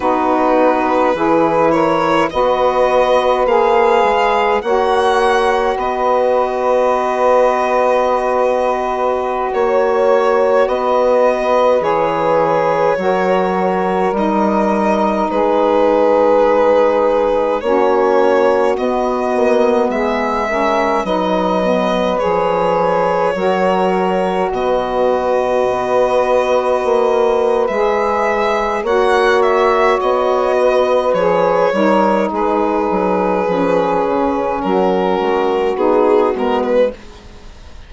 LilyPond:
<<
  \new Staff \with { instrumentName = "violin" } { \time 4/4 \tempo 4 = 52 b'4. cis''8 dis''4 f''4 | fis''4 dis''2.~ | dis''16 cis''4 dis''4 cis''4.~ cis''16~ | cis''16 dis''4 b'2 cis''8.~ |
cis''16 dis''4 e''4 dis''4 cis''8.~ | cis''4~ cis''16 dis''2~ dis''8. | e''4 fis''8 e''8 dis''4 cis''4 | b'2 ais'4 gis'8 ais'16 b'16 | }
  \new Staff \with { instrumentName = "saxophone" } { \time 4/4 fis'4 gis'8 ais'8 b'2 | cis''4 b'2.~ | b'16 cis''4 b'2 ais'8.~ | ais'4~ ais'16 gis'2 fis'8.~ |
fis'4~ fis'16 gis'8 ais'8 b'4.~ b'16~ | b'16 ais'4 b'2~ b'8.~ | b'4 cis''4. b'4 ais'8 | gis'2 fis'2 | }
  \new Staff \with { instrumentName = "saxophone" } { \time 4/4 dis'4 e'4 fis'4 gis'4 | fis'1~ | fis'2~ fis'16 gis'4 fis'8.~ | fis'16 dis'2. cis'8.~ |
cis'16 b4. cis'8 dis'8 b8 gis'8.~ | gis'16 fis'2.~ fis'8. | gis'4 fis'2 gis'8 dis'8~ | dis'4 cis'2 dis'8 b8 | }
  \new Staff \with { instrumentName = "bassoon" } { \time 4/4 b4 e4 b4 ais8 gis8 | ais4 b2.~ | b16 ais4 b4 e4 fis8.~ | fis16 g4 gis2 ais8.~ |
ais16 b8 ais8 gis4 fis4 f8.~ | f16 fis4 b,4 b4 ais8. | gis4 ais4 b4 f8 g8 | gis8 fis8 f8 cis8 fis8 gis8 b8 gis8 | }
>>